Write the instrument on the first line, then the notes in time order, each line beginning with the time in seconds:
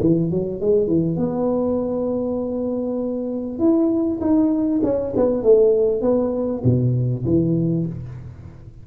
tuba
0.00 E3
0.31 F#3
0.60 G#3
0.87 E3
1.17 B3
3.59 E4
4.21 D#4
4.83 C#4
5.16 B3
5.43 A3
6.01 B3
6.64 B2
7.25 E3